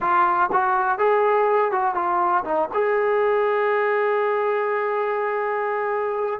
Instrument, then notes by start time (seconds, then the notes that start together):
trombone
0.00 F4
0.52 F#4
0.98 G#4
1.71 F#4
1.94 F4
2.44 D#4
2.73 G#4